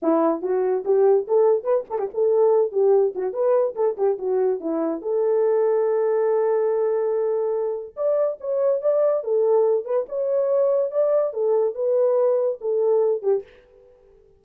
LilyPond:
\new Staff \with { instrumentName = "horn" } { \time 4/4 \tempo 4 = 143 e'4 fis'4 g'4 a'4 | b'8 a'16 g'16 a'4. g'4 fis'8 | b'4 a'8 g'8 fis'4 e'4 | a'1~ |
a'2. d''4 | cis''4 d''4 a'4. b'8 | cis''2 d''4 a'4 | b'2 a'4. g'8 | }